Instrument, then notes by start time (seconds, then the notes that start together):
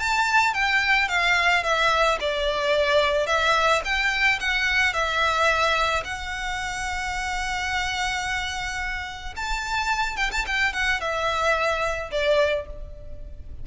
violin
0.00 A5
0.54 G5
1.09 F5
1.64 E5
2.21 D5
3.27 E5
3.85 G5
4.40 F#5
4.94 E5
6.05 F#5
9.37 A5
10.17 G5
10.32 A5
10.47 G5
10.73 F#5
11.01 E5
12.12 D5